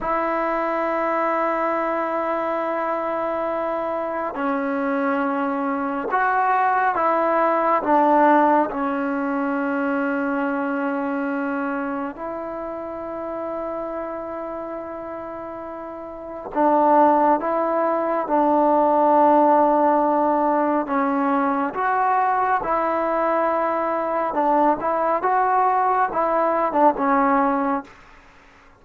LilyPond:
\new Staff \with { instrumentName = "trombone" } { \time 4/4 \tempo 4 = 69 e'1~ | e'4 cis'2 fis'4 | e'4 d'4 cis'2~ | cis'2 e'2~ |
e'2. d'4 | e'4 d'2. | cis'4 fis'4 e'2 | d'8 e'8 fis'4 e'8. d'16 cis'4 | }